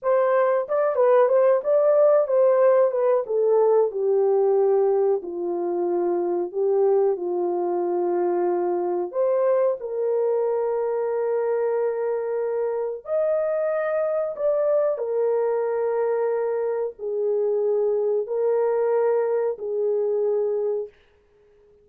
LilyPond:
\new Staff \with { instrumentName = "horn" } { \time 4/4 \tempo 4 = 92 c''4 d''8 b'8 c''8 d''4 c''8~ | c''8 b'8 a'4 g'2 | f'2 g'4 f'4~ | f'2 c''4 ais'4~ |
ais'1 | dis''2 d''4 ais'4~ | ais'2 gis'2 | ais'2 gis'2 | }